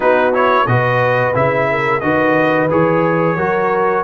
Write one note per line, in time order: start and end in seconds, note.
0.00 0.66 B3
0.00 0.33 D#4
0.00 0.65 F#4
0.00 0.34 B4
0.33 0.66 E4
0.33 0.67 C#5
0.66 1.34 B2
0.66 1.33 F#4
0.66 1.70 B4
0.66 1.34 D#5
1.33 2.02 C#3
1.33 2.01 E4
1.33 2.00 E5
1.70 2.02 A#4
2.00 2.69 D#3
2.00 2.69 F#4
2.00 3.36 B4
2.00 2.67 D#5
2.70 3.36 E3
2.70 3.37 G#4
2.70 4.04 C#5
3.36 4.03 F#3
3.36 4.04 F#4
3.36 4.04 A#4